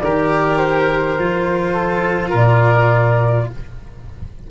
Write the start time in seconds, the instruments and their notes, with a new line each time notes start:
0.00 tuba D#3, cello G4, oboe A#4, flute D5
0.58 flute C5
1.19 tuba F3, cello F4
1.73 oboe A4
2.30 tuba A#2, oboe A#4, flute D5